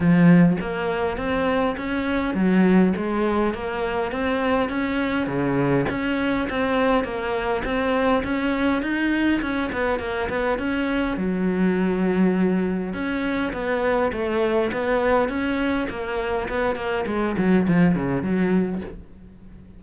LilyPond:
\new Staff \with { instrumentName = "cello" } { \time 4/4 \tempo 4 = 102 f4 ais4 c'4 cis'4 | fis4 gis4 ais4 c'4 | cis'4 cis4 cis'4 c'4 | ais4 c'4 cis'4 dis'4 |
cis'8 b8 ais8 b8 cis'4 fis4~ | fis2 cis'4 b4 | a4 b4 cis'4 ais4 | b8 ais8 gis8 fis8 f8 cis8 fis4 | }